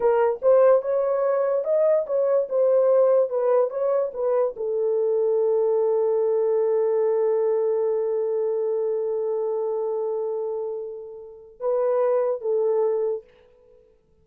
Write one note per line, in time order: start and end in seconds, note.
0.00 0.40 A#4
0.41 0.82 C5
0.82 1.64 C#5
1.64 2.05 D#5
2.06 2.47 C#5
2.49 3.29 C5
3.29 3.70 B4
3.70 4.11 C#5
4.13 4.54 B4
4.56 11.60 A4
11.60 12.41 B4
12.41 13.24 A4